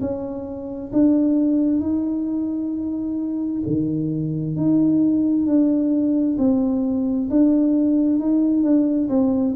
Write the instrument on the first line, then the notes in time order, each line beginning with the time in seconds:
tuba
0.00 C#4
0.92 D4
1.80 D#4
3.66 D#3
4.56 D#4
5.46 D4
6.38 C4
7.30 D4
8.19 D#4
8.62 D4
9.09 C4